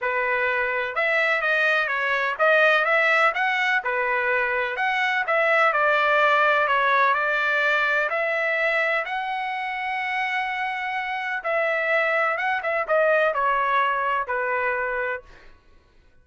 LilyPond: \new Staff \with { instrumentName = "trumpet" } { \time 4/4 \tempo 4 = 126 b'2 e''4 dis''4 | cis''4 dis''4 e''4 fis''4 | b'2 fis''4 e''4 | d''2 cis''4 d''4~ |
d''4 e''2 fis''4~ | fis''1 | e''2 fis''8 e''8 dis''4 | cis''2 b'2 | }